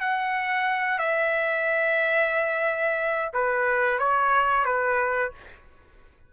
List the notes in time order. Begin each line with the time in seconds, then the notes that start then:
0.00 F#5
0.98 E5
3.33 B4
3.99 C#5
4.65 B4